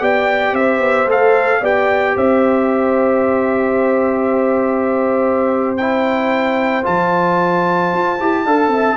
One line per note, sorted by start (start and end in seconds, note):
0.00 0.53 B3
0.00 1.07 G4
0.00 0.55 D5
0.00 0.55 G5
0.53 0.80 C4
0.53 1.60 C5
0.53 1.09 E5
0.80 1.06 B3
1.07 1.60 A3
1.07 1.62 A4
1.07 1.65 F5
1.60 2.16 B3
1.60 5.78 G4
1.60 2.14 D5
1.60 2.17 G5
2.16 6.86 C4
2.16 8.45 C5
2.16 5.77 E5
5.77 6.83 E4
5.77 6.84 G5
6.83 7.94 F3
6.83 8.17 F4
6.83 8.97 A5
7.94 8.20 F4
8.20 8.46 E4
8.20 8.47 G4
8.45 8.68 D4
8.45 8.97 A4
8.45 8.72 F5
8.68 8.95 C4
8.68 8.97 E5